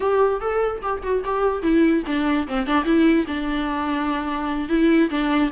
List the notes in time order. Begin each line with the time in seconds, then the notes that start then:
0.00 G4
0.41 A4
0.82 G4
1.03 F#4
1.24 G4
1.62 E4
2.06 D4
2.47 C4
2.66 D4
2.84 E4
3.27 D4
4.68 E4
5.10 D4